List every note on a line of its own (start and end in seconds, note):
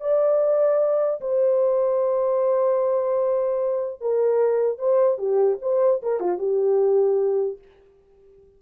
0.00 1.20 D5
1.20 4.00 C5
4.01 4.78 A#4
4.78 5.18 C5
5.18 5.58 G4
5.61 6.01 C5
6.02 6.20 A#4
6.20 6.38 F4
6.38 7.58 G4